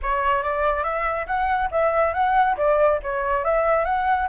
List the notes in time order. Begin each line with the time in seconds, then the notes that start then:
0.02 C#5
0.42 D5
0.83 E5
1.26 F#5
1.71 E5
2.13 F#5
2.57 D5
3.02 C#5
3.44 E5
3.85 F#5